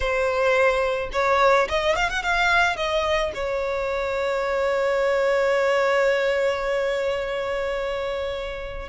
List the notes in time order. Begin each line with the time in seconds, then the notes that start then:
0.00 C5
1.12 C#5
1.68 D#5
1.95 F5
2.09 F#5
2.22 F5
2.76 D#5
3.34 C#5